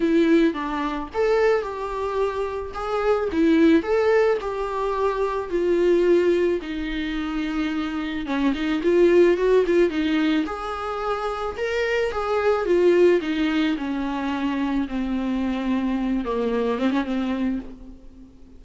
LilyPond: \new Staff \with { instrumentName = "viola" } { \time 4/4 \tempo 4 = 109 e'4 d'4 a'4 g'4~ | g'4 gis'4 e'4 a'4 | g'2 f'2 | dis'2. cis'8 dis'8 |
f'4 fis'8 f'8 dis'4 gis'4~ | gis'4 ais'4 gis'4 f'4 | dis'4 cis'2 c'4~ | c'4. ais4 c'16 cis'16 c'4 | }